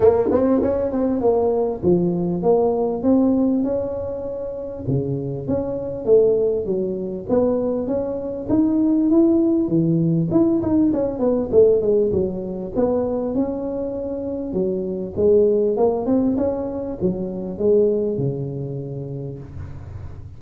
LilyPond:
\new Staff \with { instrumentName = "tuba" } { \time 4/4 \tempo 4 = 99 ais8 c'8 cis'8 c'8 ais4 f4 | ais4 c'4 cis'2 | cis4 cis'4 a4 fis4 | b4 cis'4 dis'4 e'4 |
e4 e'8 dis'8 cis'8 b8 a8 gis8 | fis4 b4 cis'2 | fis4 gis4 ais8 c'8 cis'4 | fis4 gis4 cis2 | }